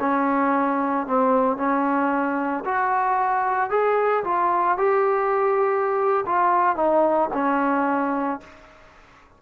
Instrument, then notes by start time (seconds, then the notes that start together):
trombone
0.00 C#4
1.07 C4
1.57 C#4
2.65 F#4
3.70 G#4
4.25 F4
4.78 G4
6.27 F4
6.76 D#4
7.33 C#4